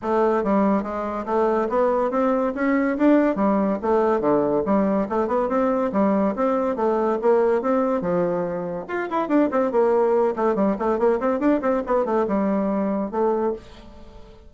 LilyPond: \new Staff \with { instrumentName = "bassoon" } { \time 4/4 \tempo 4 = 142 a4 g4 gis4 a4 | b4 c'4 cis'4 d'4 | g4 a4 d4 g4 | a8 b8 c'4 g4 c'4 |
a4 ais4 c'4 f4~ | f4 f'8 e'8 d'8 c'8 ais4~ | ais8 a8 g8 a8 ais8 c'8 d'8 c'8 | b8 a8 g2 a4 | }